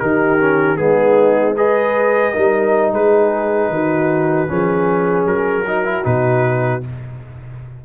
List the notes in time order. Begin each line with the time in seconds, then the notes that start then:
0.00 D#3 D#4 G4 A#4
0.40 C#4
0.77 G#3 B3 D#4 G#4
1.57 G#4 B4 D#5
2.32 G3 D#4 A#4
2.93 G#3 G#4 B4
3.69 D#3 F#4
4.48 F3 C#4 G#4
5.25 F#3 A#4
5.67 D#4 F#4
5.85 E4
6.03 B2 D#4 B4